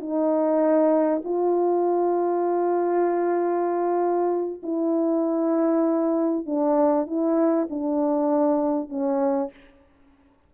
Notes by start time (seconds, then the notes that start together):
0.00 D#4
1.24 F4
4.63 E4
6.46 D4
7.07 E4
7.70 D4
8.89 C#4